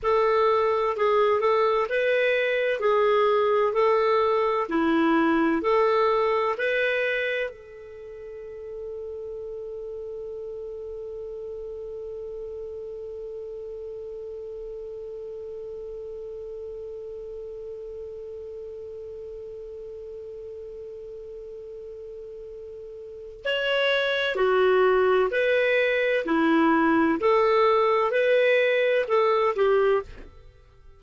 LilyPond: \new Staff \with { instrumentName = "clarinet" } { \time 4/4 \tempo 4 = 64 a'4 gis'8 a'8 b'4 gis'4 | a'4 e'4 a'4 b'4 | a'1~ | a'1~ |
a'1~ | a'1~ | a'4 cis''4 fis'4 b'4 | e'4 a'4 b'4 a'8 g'8 | }